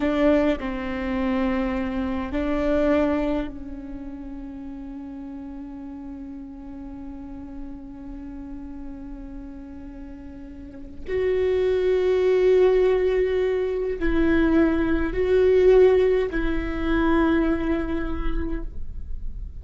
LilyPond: \new Staff \with { instrumentName = "viola" } { \time 4/4 \tempo 4 = 103 d'4 c'2. | d'2 cis'2~ | cis'1~ | cis'1~ |
cis'2. fis'4~ | fis'1 | e'2 fis'2 | e'1 | }